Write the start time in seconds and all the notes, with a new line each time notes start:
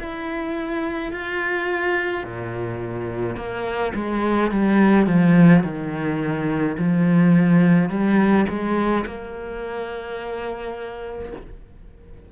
0.00 E4
1.13 F4
2.24 A#2
3.37 A#3
3.95 G#3
4.51 G3
5.07 F3
5.64 D#3
6.78 F3
7.90 G3
8.49 G#3
9.07 A#3